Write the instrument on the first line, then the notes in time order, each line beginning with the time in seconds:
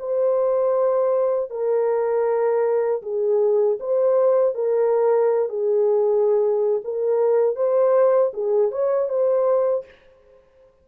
horn
0.00 C5
1.51 A#4
3.03 G#4
3.80 C5
4.55 A#4
5.50 G#4
6.85 A#4
7.56 C5
8.34 G#4
8.72 C#5
9.10 C5